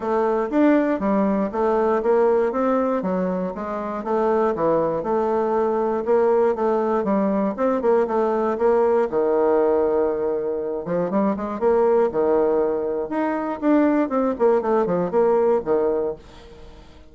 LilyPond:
\new Staff \with { instrumentName = "bassoon" } { \time 4/4 \tempo 4 = 119 a4 d'4 g4 a4 | ais4 c'4 fis4 gis4 | a4 e4 a2 | ais4 a4 g4 c'8 ais8 |
a4 ais4 dis2~ | dis4. f8 g8 gis8 ais4 | dis2 dis'4 d'4 | c'8 ais8 a8 f8 ais4 dis4 | }